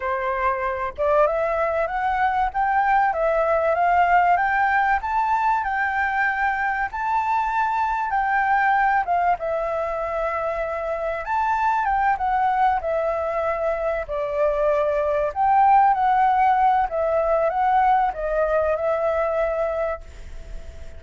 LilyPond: \new Staff \with { instrumentName = "flute" } { \time 4/4 \tempo 4 = 96 c''4. d''8 e''4 fis''4 | g''4 e''4 f''4 g''4 | a''4 g''2 a''4~ | a''4 g''4. f''8 e''4~ |
e''2 a''4 g''8 fis''8~ | fis''8 e''2 d''4.~ | d''8 g''4 fis''4. e''4 | fis''4 dis''4 e''2 | }